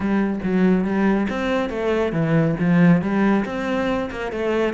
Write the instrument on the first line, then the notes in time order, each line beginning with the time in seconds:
cello
0.00 G3
0.43 F#3
0.84 G3
1.29 C4
1.69 A3
2.12 E3
2.59 F3
3.01 G3
3.45 C4
4.10 A#3
4.31 A3